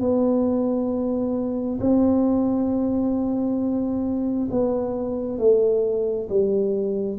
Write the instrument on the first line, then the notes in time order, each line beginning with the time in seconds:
tuba
0.00 B3
1.80 C4
4.51 B3
5.38 A3
6.29 G3